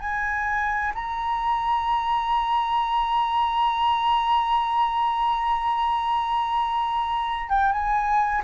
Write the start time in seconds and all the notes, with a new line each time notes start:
0.00 G#5
0.95 A#5
7.50 G5
7.73 G#5